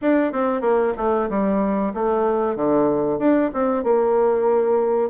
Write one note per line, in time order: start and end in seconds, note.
0.01 0.32 D4
0.32 0.61 C4
0.61 0.93 A#3
0.97 1.29 A3
1.29 1.93 G3
1.94 2.56 A3
2.56 3.18 D3
3.18 3.50 D4
3.53 3.83 C4
3.83 5.09 A#3